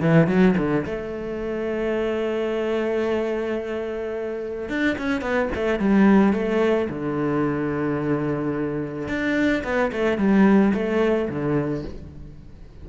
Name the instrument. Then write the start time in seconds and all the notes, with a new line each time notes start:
cello
0.00 E3
0.27 F#3
0.57 D3
0.86 A3
4.69 D4
4.98 C#4
5.21 B3
5.54 A3
5.79 G3
6.33 A3
6.89 D3
9.08 D4
9.64 B3
9.92 A3
10.17 G3
10.73 A3
11.29 D3